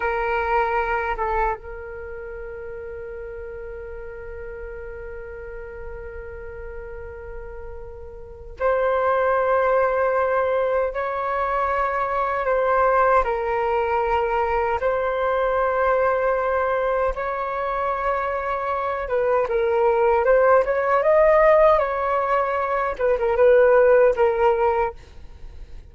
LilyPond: \new Staff \with { instrumentName = "flute" } { \time 4/4 \tempo 4 = 77 ais'4. a'8 ais'2~ | ais'1~ | ais'2. c''4~ | c''2 cis''2 |
c''4 ais'2 c''4~ | c''2 cis''2~ | cis''8 b'8 ais'4 c''8 cis''8 dis''4 | cis''4. b'16 ais'16 b'4 ais'4 | }